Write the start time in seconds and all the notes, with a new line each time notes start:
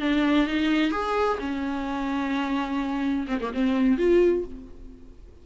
0.00 D4
0.47 D#4
0.91 G#4
1.39 C#4
3.27 C4
3.41 A#3
3.53 C4
3.98 F4